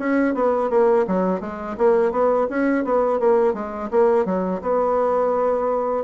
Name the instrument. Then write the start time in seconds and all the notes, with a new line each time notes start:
bassoon
0.00 C#4
0.35 B3
0.70 A#3
1.07 F#3
1.41 G#3
1.78 A#3
2.12 B3
2.50 C#4
2.85 B3
3.20 A#3
3.54 G#3
3.92 A#3
4.26 F#3
4.62 B3